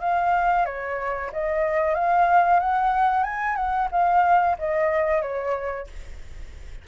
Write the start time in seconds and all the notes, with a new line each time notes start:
0.00 F5
0.65 C#5
1.32 D#5
1.94 F5
2.59 F#5
3.23 G#5
3.55 F#5
3.91 F5
4.58 D#5
5.21 C#5